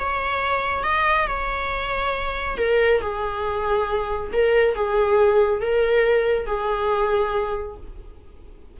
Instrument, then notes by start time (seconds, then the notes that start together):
viola
0.00 C#5
0.84 D#5
1.28 C#5
2.58 A#4
3.02 G#4
4.33 A#4
4.75 G#4
5.61 A#4
6.47 G#4